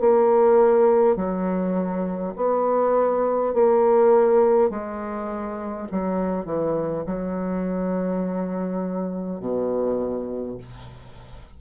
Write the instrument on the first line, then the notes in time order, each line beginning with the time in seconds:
bassoon
0.00 A#3
1.16 F#3
2.36 B3
3.53 A#3
4.70 G#3
5.91 F#3
6.45 E3
7.06 F#3
9.40 B2